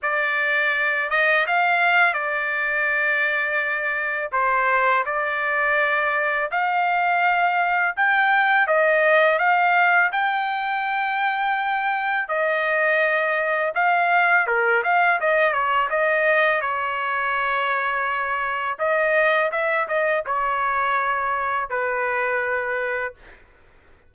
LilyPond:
\new Staff \with { instrumentName = "trumpet" } { \time 4/4 \tempo 4 = 83 d''4. dis''8 f''4 d''4~ | d''2 c''4 d''4~ | d''4 f''2 g''4 | dis''4 f''4 g''2~ |
g''4 dis''2 f''4 | ais'8 f''8 dis''8 cis''8 dis''4 cis''4~ | cis''2 dis''4 e''8 dis''8 | cis''2 b'2 | }